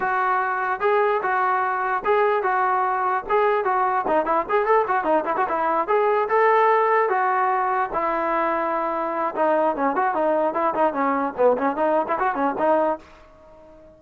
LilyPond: \new Staff \with { instrumentName = "trombone" } { \time 4/4 \tempo 4 = 148 fis'2 gis'4 fis'4~ | fis'4 gis'4 fis'2 | gis'4 fis'4 dis'8 e'8 gis'8 a'8 | fis'8 dis'8 e'16 fis'16 e'4 gis'4 a'8~ |
a'4. fis'2 e'8~ | e'2. dis'4 | cis'8 fis'8 dis'4 e'8 dis'8 cis'4 | b8 cis'8 dis'8. e'16 fis'8 cis'8 dis'4 | }